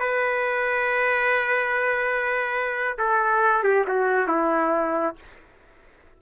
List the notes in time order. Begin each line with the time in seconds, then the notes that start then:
0.00 B4
2.99 A4
3.64 G4
3.88 F#4
4.28 E4